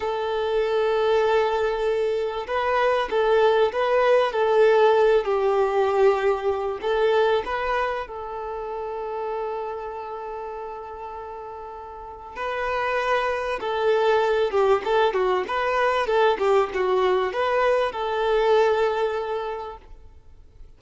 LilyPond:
\new Staff \with { instrumentName = "violin" } { \time 4/4 \tempo 4 = 97 a'1 | b'4 a'4 b'4 a'4~ | a'8 g'2~ g'8 a'4 | b'4 a'2.~ |
a'1 | b'2 a'4. g'8 | a'8 fis'8 b'4 a'8 g'8 fis'4 | b'4 a'2. | }